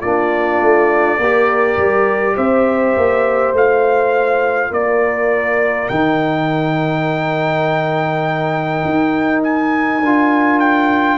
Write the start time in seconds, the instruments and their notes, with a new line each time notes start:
0.00 tuba A#3, trombone D4, horn F4, trumpet D5
0.61 tuba A3
1.18 tuba A#3, trombone G4, horn A#4
1.77 tuba G3
2.35 tuba C4, horn C5, trumpet E5
2.96 tuba A#3
3.52 tuba A3, trombone F4, trumpet F5
4.69 tuba A#3, horn A#4, trumpet D5
5.88 tuba D#3, trombone D#4, trumpet G5
8.85 tuba D#4
9.43 trumpet G#5
10.01 tuba D4, trombone F4
10.59 trumpet G5